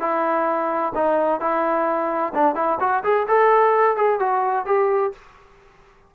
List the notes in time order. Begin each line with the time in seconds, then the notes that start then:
0.00 E4
0.95 D#4
1.40 E4
2.34 D4
2.55 E4
2.80 F#4
3.04 G#4
3.28 A4
3.97 G#4
4.20 F#4
4.66 G4